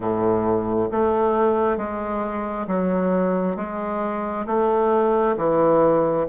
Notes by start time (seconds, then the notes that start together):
0.00 A2
0.91 A3
1.77 G#3
2.67 F#3
3.56 G#3
4.46 A3
5.36 E3